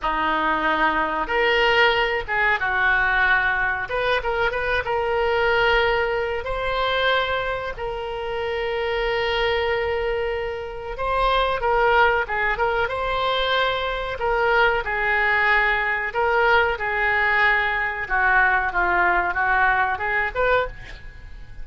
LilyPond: \new Staff \with { instrumentName = "oboe" } { \time 4/4 \tempo 4 = 93 dis'2 ais'4. gis'8 | fis'2 b'8 ais'8 b'8 ais'8~ | ais'2 c''2 | ais'1~ |
ais'4 c''4 ais'4 gis'8 ais'8 | c''2 ais'4 gis'4~ | gis'4 ais'4 gis'2 | fis'4 f'4 fis'4 gis'8 b'8 | }